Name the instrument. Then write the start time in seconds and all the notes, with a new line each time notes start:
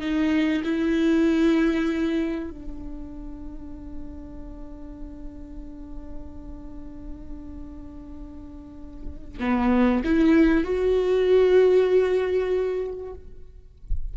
viola
0.00 D#4
0.64 E4
2.50 D4
9.40 B3
10.04 E4
10.63 F#4